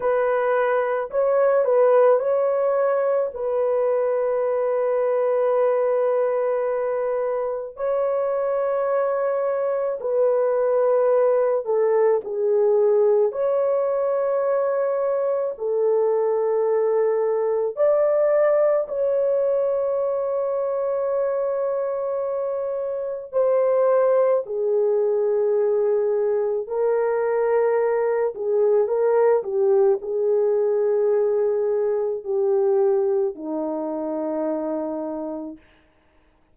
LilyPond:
\new Staff \with { instrumentName = "horn" } { \time 4/4 \tempo 4 = 54 b'4 cis''8 b'8 cis''4 b'4~ | b'2. cis''4~ | cis''4 b'4. a'8 gis'4 | cis''2 a'2 |
d''4 cis''2.~ | cis''4 c''4 gis'2 | ais'4. gis'8 ais'8 g'8 gis'4~ | gis'4 g'4 dis'2 | }